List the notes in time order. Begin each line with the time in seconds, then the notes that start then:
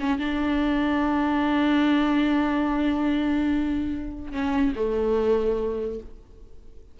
0.00 C#4
0.19 D4
4.32 C#4
4.76 A3